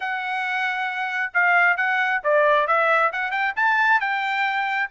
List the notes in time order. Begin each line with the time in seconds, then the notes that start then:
0.00 F#5
1.33 F5
1.76 F#5
2.23 D5
2.67 E5
3.12 F#5
3.31 G5
3.56 A5
4.00 G5